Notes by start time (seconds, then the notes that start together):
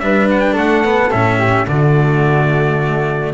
0.00 G3 D4 B4 E5
0.31 F#5
0.41 G5
0.54 A3 A4 F#5
0.85 B3
1.11 A2 C#4 E5
1.38 G4
1.67 D3 A3 F#4 D5